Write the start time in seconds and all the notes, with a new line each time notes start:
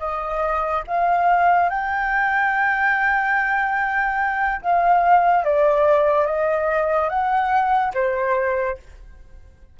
0.00 D#5
0.87 F5
1.70 G5
4.62 F5
5.44 D5
6.27 D#5
7.09 F#5
7.94 C5